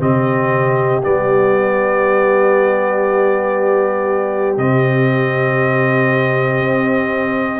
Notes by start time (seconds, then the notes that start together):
0.00 C3 C4 G4 D#5
1.02 G3 B3 D5
4.57 C3 C4 D#5
6.60 C4